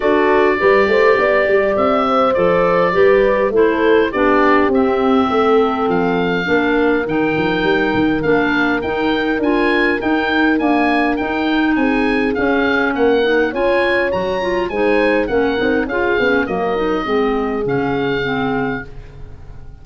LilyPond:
<<
  \new Staff \with { instrumentName = "oboe" } { \time 4/4 \tempo 4 = 102 d''2. e''4 | d''2 c''4 d''4 | e''2 f''2 | g''2 f''4 g''4 |
gis''4 g''4 gis''4 g''4 | gis''4 f''4 fis''4 gis''4 | ais''4 gis''4 fis''4 f''4 | dis''2 f''2 | }
  \new Staff \with { instrumentName = "horn" } { \time 4/4 a'4 b'8 c''8 d''4. c''8~ | c''4 b'4 a'4 g'4~ | g'4 a'2 ais'4~ | ais'1~ |
ais'1 | gis'2 ais'4 cis''4~ | cis''4 c''4 ais'4 gis'4 | ais'4 gis'2. | }
  \new Staff \with { instrumentName = "clarinet" } { \time 4/4 fis'4 g'2. | a'4 g'4 e'4 d'4 | c'2. d'4 | dis'2 d'4 dis'4 |
f'4 dis'4 ais4 dis'4~ | dis'4 cis'4. dis'8 f'4 | fis'8 f'8 dis'4 cis'8 dis'8 f'8 cis'8 | ais8 dis'8 c'4 cis'4 c'4 | }
  \new Staff \with { instrumentName = "tuba" } { \time 4/4 d'4 g8 a8 b8 g8 c'4 | f4 g4 a4 b4 | c'4 a4 f4 ais4 | dis8 f8 g8 dis8 ais4 dis'4 |
d'4 dis'4 d'4 dis'4 | c'4 cis'4 ais4 cis'4 | fis4 gis4 ais8 c'8 cis'8 b8 | fis4 gis4 cis2 | }
>>